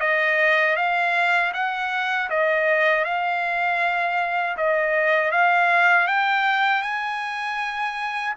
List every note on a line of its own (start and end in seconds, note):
0.00 0.76 D#5
0.76 1.52 F5
1.53 2.29 F#5
2.29 3.04 D#5
3.04 4.56 F5
4.57 5.31 D#5
5.31 6.07 F5
6.07 6.82 G5
6.82 8.34 G#5